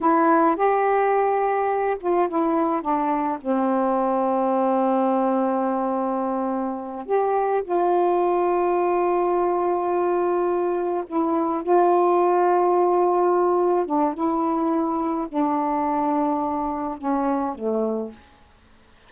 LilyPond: \new Staff \with { instrumentName = "saxophone" } { \time 4/4 \tempo 4 = 106 e'4 g'2~ g'8 f'8 | e'4 d'4 c'2~ | c'1~ | c'8 g'4 f'2~ f'8~ |
f'2.~ f'8 e'8~ | e'8 f'2.~ f'8~ | f'8 d'8 e'2 d'4~ | d'2 cis'4 a4 | }